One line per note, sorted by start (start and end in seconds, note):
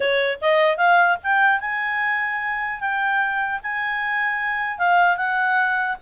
0.00 0.39 C#5
0.41 0.77 D#5
0.77 1.17 F5
1.23 1.60 G5
1.60 2.80 G#5
2.80 3.60 G5
3.63 4.78 G#5
4.78 5.17 F5
5.17 5.97 F#5